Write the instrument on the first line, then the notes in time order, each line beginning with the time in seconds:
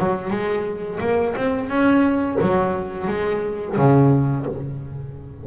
double bass
0.00 F#3
0.31 G#3
1.01 A#3
1.37 C4
1.69 C#4
2.41 F#3
3.08 G#3
3.77 C#3